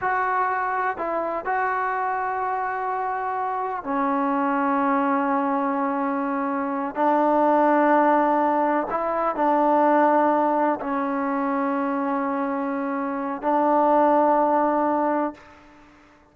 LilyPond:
\new Staff \with { instrumentName = "trombone" } { \time 4/4 \tempo 4 = 125 fis'2 e'4 fis'4~ | fis'1 | cis'1~ | cis'2~ cis'8 d'4.~ |
d'2~ d'8 e'4 d'8~ | d'2~ d'8 cis'4.~ | cis'1 | d'1 | }